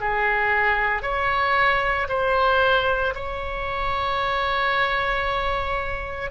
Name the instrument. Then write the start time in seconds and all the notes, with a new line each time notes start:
oboe
0.00 G#4
1.02 C#5
2.08 C5
3.14 C#5